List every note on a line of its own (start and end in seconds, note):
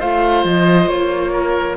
0.00 0.45 A3
0.00 1.78 F4
0.00 1.32 C5
0.00 0.45 F5
0.45 0.87 F3
0.45 0.89 D#5
0.87 1.75 A#3
0.87 1.77 C#5
1.33 1.77 A#4